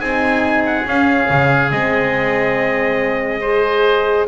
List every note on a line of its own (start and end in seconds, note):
0.00 0.86 C4
0.00 0.86 D#4
0.00 3.41 G#4
0.00 0.65 G#5
0.66 0.88 F#5
0.87 1.30 C#4
0.87 1.72 C#4
0.87 1.72 F5
1.30 1.72 C#3
1.72 4.28 G#3
1.72 3.43 C4
1.72 4.28 D#5
3.41 4.28 G#4
3.41 4.27 C5